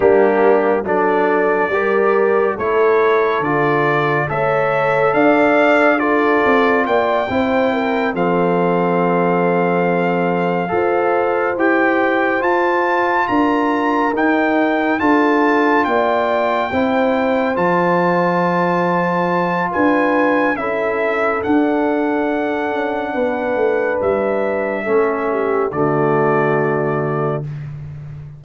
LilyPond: <<
  \new Staff \with { instrumentName = "trumpet" } { \time 4/4 \tempo 4 = 70 g'4 d''2 cis''4 | d''4 e''4 f''4 d''4 | g''4. f''2~ f''8~ | f''4. g''4 a''4 ais''8~ |
ais''8 g''4 a''4 g''4.~ | g''8 a''2~ a''8 gis''4 | e''4 fis''2. | e''2 d''2 | }
  \new Staff \with { instrumentName = "horn" } { \time 4/4 d'4 a'4 ais'4 a'4~ | a'4 cis''4 d''4 a'4 | d''8 c''8 ais'8 a'2~ a'8~ | a'8 c''2. ais'8~ |
ais'4. a'4 d''4 c''8~ | c''2. b'4 | a'2. b'4~ | b'4 a'8 g'8 fis'2 | }
  \new Staff \with { instrumentName = "trombone" } { \time 4/4 ais4 d'4 g'4 e'4 | f'4 a'2 f'4~ | f'8 e'4 c'2~ c'8~ | c'8 a'4 g'4 f'4.~ |
f'8 dis'4 f'2 e'8~ | e'8 f'2.~ f'8 | e'4 d'2.~ | d'4 cis'4 a2 | }
  \new Staff \with { instrumentName = "tuba" } { \time 4/4 g4 fis4 g4 a4 | d4 a4 d'4. c'8 | ais8 c'4 f2~ f8~ | f8 f'4 e'4 f'4 d'8~ |
d'8 dis'4 d'4 ais4 c'8~ | c'8 f2~ f8 d'4 | cis'4 d'4. cis'8 b8 a8 | g4 a4 d2 | }
>>